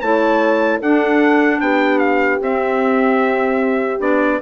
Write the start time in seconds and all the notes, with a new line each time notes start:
0.00 A3 E4 C#5 A5
0.78 D4 A4 F#5
1.60 B3 G4 G5
1.98 F5
2.40 C4 E5
3.99 B3 D4 D5